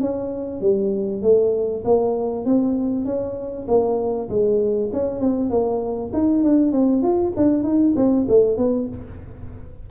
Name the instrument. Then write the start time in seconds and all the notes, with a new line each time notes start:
tuba
0.00 C#4
0.60 G3
1.22 A3
1.84 A#3
2.45 C4
3.05 C#4
3.67 A#3
4.29 G#3
4.92 C#4
5.20 C4
5.50 A#3
6.13 D#4
6.43 D4
6.72 C4
7.02 F4
7.36 D4
7.63 D#4
7.95 C4
8.28 A3
8.57 B3